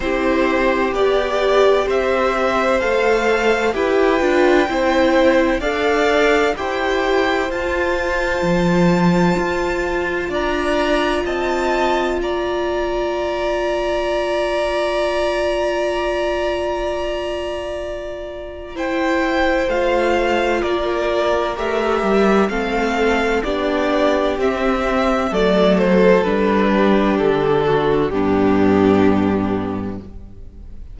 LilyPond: <<
  \new Staff \with { instrumentName = "violin" } { \time 4/4 \tempo 4 = 64 c''4 d''4 e''4 f''4 | g''2 f''4 g''4 | a''2. ais''4 | a''4 ais''2.~ |
ais''1 | g''4 f''4 d''4 e''4 | f''4 d''4 e''4 d''8 c''8 | b'4 a'4 g'2 | }
  \new Staff \with { instrumentName = "violin" } { \time 4/4 g'2 c''2 | b'4 c''4 d''4 c''4~ | c''2. d''4 | dis''4 d''2.~ |
d''1 | c''2 ais'2 | a'4 g'2 a'4~ | a'8 g'4 fis'8 d'2 | }
  \new Staff \with { instrumentName = "viola" } { \time 4/4 e'4 g'2 a'4 | g'8 f'8 e'4 a'4 g'4 | f'1~ | f'1~ |
f'1 | e'4 f'2 g'4 | c'4 d'4 c'4 a4 | d'2 b2 | }
  \new Staff \with { instrumentName = "cello" } { \time 4/4 c'4 b4 c'4 a4 | e'8 d'8 c'4 d'4 e'4 | f'4 f4 f'4 d'4 | c'4 ais2.~ |
ais1~ | ais4 a4 ais4 a8 g8 | a4 b4 c'4 fis4 | g4 d4 g,2 | }
>>